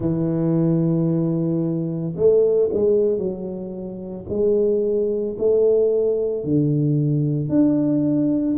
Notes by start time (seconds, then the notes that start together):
0.00 E3
2.15 A3
2.72 G#3
3.18 F#3
4.29 G#3
5.38 A3
6.43 D3
7.49 D4